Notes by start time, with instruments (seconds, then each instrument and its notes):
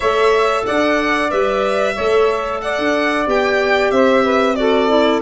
0.00 tuba A3, clarinet A4, saxophone C#5, violin E5
0.65 tuba D4, saxophone D5, violin F#5
1.30 tuba G3, clarinet B4, violin E5
1.94 tuba A3, clarinet A4, saxophone C#5
2.61 saxophone D5, violin F#5
2.78 tuba D4
3.26 tuba B3, clarinet G4, violin G5
3.90 tuba C4, saxophone C5, violin E5
4.23 saxophone B4
4.55 clarinet F#4, saxophone A4, violin D5
4.88 clarinet E4